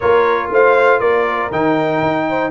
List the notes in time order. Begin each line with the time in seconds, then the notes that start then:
0.00 A#3 F4 A#4 C#5
0.51 A3 C5 F5
1.00 A#3 A#4 D5
1.51 D#3 D#4 G5
2.02 D#4
2.29 C5